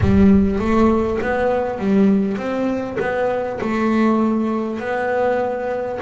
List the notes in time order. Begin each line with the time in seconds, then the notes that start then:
0.00 G3
0.59 A3
1.21 B3
1.78 G3
2.37 C4
2.99 B3
3.61 A3
4.79 B3